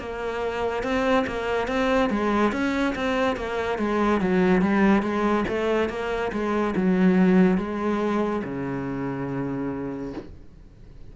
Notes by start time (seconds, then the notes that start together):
0.00 A#3
0.83 C4
1.27 A#3
1.68 C4
2.10 G#3
2.52 C#4
2.96 C4
3.37 A#3
3.79 G#3
4.21 F#3
4.62 G3
5.02 G#3
5.48 A3
5.90 A#3
6.33 G#3
6.76 F#3
7.58 G#3
8.44 C#3